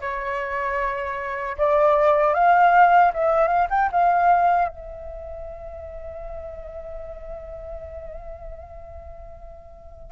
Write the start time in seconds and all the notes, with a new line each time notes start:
0.00 C#5
1.58 D5
2.34 F5
3.13 E5
3.47 F5
3.70 G5
3.92 F5
4.68 E5